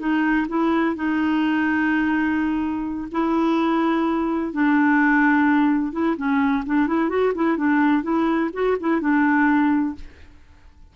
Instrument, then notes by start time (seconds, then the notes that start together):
clarinet
0.00 D#4
0.49 E4
0.96 D#4
3.12 E4
4.53 D4
5.93 E4
6.17 C#4
6.66 D4
6.88 E4
7.10 F#4
7.36 E4
7.58 D4
8.03 E4
8.54 F#4
8.80 E4
9.01 D4